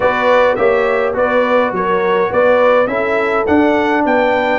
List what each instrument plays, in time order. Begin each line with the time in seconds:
0.00 tuba B3, trombone F#4, horn B4, trumpet D5
0.55 tuba A#3, trombone G4, horn C#5, trumpet E5
1.13 tuba B3, trombone F#4, horn B4, trumpet D5
1.72 tuba F#3, horn A#4, trumpet C#5
2.31 tuba B3, horn B4, trumpet D5
2.87 tuba C#4, trombone E4, horn A4, trumpet E5
3.46 trombone D4, tuba D4, trumpet F#5
4.05 tuba B3, horn B4, trumpet G5